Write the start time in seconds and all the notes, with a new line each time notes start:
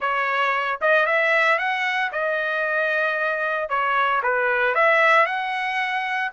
0.00 C#5
0.81 D#5
1.06 E5
1.58 F#5
2.11 D#5
3.69 C#5
4.22 B4
4.75 E5
5.26 F#5